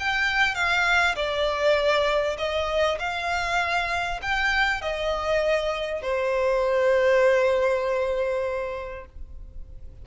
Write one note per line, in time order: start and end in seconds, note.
0.00 0.55 G5
0.55 1.16 F5
1.16 2.37 D5
2.39 2.99 D#5
3.00 4.21 F5
4.23 4.82 G5
4.82 6.02 D#5
6.02 9.06 C5